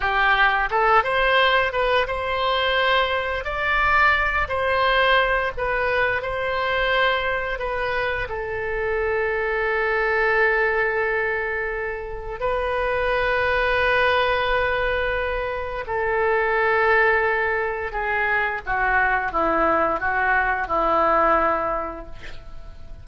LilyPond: \new Staff \with { instrumentName = "oboe" } { \time 4/4 \tempo 4 = 87 g'4 a'8 c''4 b'8 c''4~ | c''4 d''4. c''4. | b'4 c''2 b'4 | a'1~ |
a'2 b'2~ | b'2. a'4~ | a'2 gis'4 fis'4 | e'4 fis'4 e'2 | }